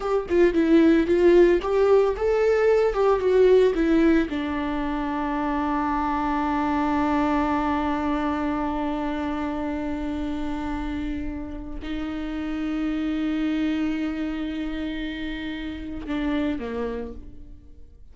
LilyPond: \new Staff \with { instrumentName = "viola" } { \time 4/4 \tempo 4 = 112 g'8 f'8 e'4 f'4 g'4 | a'4. g'8 fis'4 e'4 | d'1~ | d'1~ |
d'1~ | d'2 dis'2~ | dis'1~ | dis'2 d'4 ais4 | }